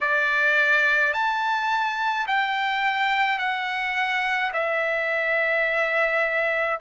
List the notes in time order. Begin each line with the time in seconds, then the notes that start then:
0.00 D5
1.13 A5
2.27 G5
3.38 F#5
4.53 E5